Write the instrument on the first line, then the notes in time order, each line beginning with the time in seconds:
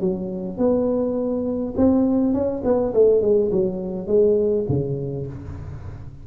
tuba
0.00 F#3
0.57 B3
1.77 C4
2.33 C#4
2.64 B3
2.93 A3
3.21 G#3
3.51 F#3
4.07 G#3
4.68 C#3